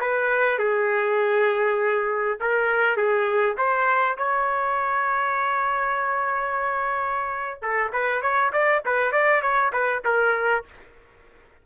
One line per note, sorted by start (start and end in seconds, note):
0.00 0.58 B4
0.58 2.38 G#4
2.40 2.96 A#4
2.96 3.56 G#4
3.57 4.17 C5
4.17 7.61 C#5
7.61 7.91 A4
7.92 8.21 B4
8.21 8.51 C#5
8.52 8.82 D5
8.85 9.11 B4
9.11 9.41 D5
9.41 9.71 C#5
9.72 10.02 B4
10.04 10.64 A#4